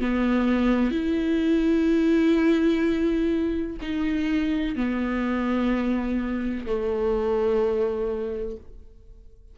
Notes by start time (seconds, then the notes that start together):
0.00 B3
0.91 E4
3.81 D#4
4.76 B3
6.66 A3